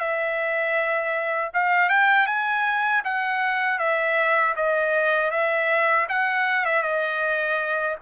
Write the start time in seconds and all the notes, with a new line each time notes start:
0.00 E5
1.54 F5
1.90 G5
2.27 G#5
3.05 F#5
3.79 E5
4.56 D#5
5.31 E5
6.09 F#5
6.65 E5
6.83 D#5